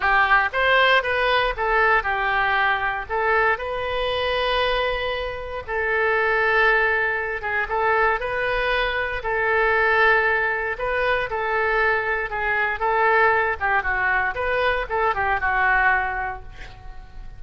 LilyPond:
\new Staff \with { instrumentName = "oboe" } { \time 4/4 \tempo 4 = 117 g'4 c''4 b'4 a'4 | g'2 a'4 b'4~ | b'2. a'4~ | a'2~ a'8 gis'8 a'4 |
b'2 a'2~ | a'4 b'4 a'2 | gis'4 a'4. g'8 fis'4 | b'4 a'8 g'8 fis'2 | }